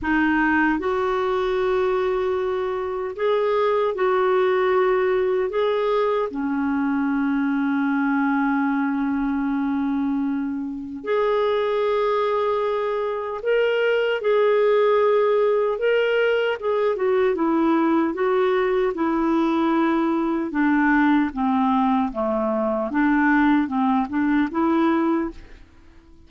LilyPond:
\new Staff \with { instrumentName = "clarinet" } { \time 4/4 \tempo 4 = 76 dis'4 fis'2. | gis'4 fis'2 gis'4 | cis'1~ | cis'2 gis'2~ |
gis'4 ais'4 gis'2 | ais'4 gis'8 fis'8 e'4 fis'4 | e'2 d'4 c'4 | a4 d'4 c'8 d'8 e'4 | }